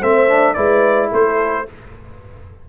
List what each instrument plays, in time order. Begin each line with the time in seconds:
0.00 tuba A3, trombone C4, horn C5, trumpet E5
0.28 trombone D4
0.54 tuba G#3, trombone E4, horn B4, trumpet D5
1.11 tuba A3, horn A4, trumpet C5